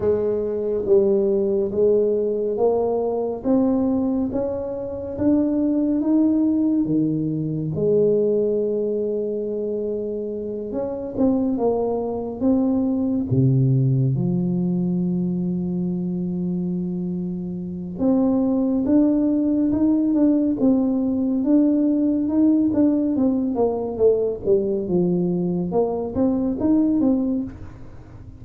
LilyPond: \new Staff \with { instrumentName = "tuba" } { \time 4/4 \tempo 4 = 70 gis4 g4 gis4 ais4 | c'4 cis'4 d'4 dis'4 | dis4 gis2.~ | gis8 cis'8 c'8 ais4 c'4 c8~ |
c8 f2.~ f8~ | f4 c'4 d'4 dis'8 d'8 | c'4 d'4 dis'8 d'8 c'8 ais8 | a8 g8 f4 ais8 c'8 dis'8 c'8 | }